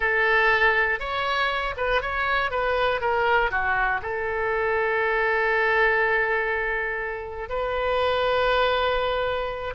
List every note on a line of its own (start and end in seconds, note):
0.00 0.99 A4
0.99 1.74 C#5
1.76 2.01 B4
2.01 2.50 C#5
2.50 3.00 B4
3.00 3.50 A#4
3.50 4.00 F#4
4.01 7.49 A4
7.49 9.74 B4